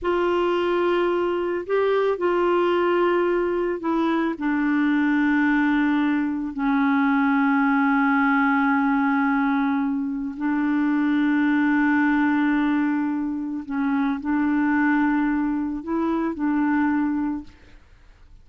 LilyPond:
\new Staff \with { instrumentName = "clarinet" } { \time 4/4 \tempo 4 = 110 f'2. g'4 | f'2. e'4 | d'1 | cis'1~ |
cis'2. d'4~ | d'1~ | d'4 cis'4 d'2~ | d'4 e'4 d'2 | }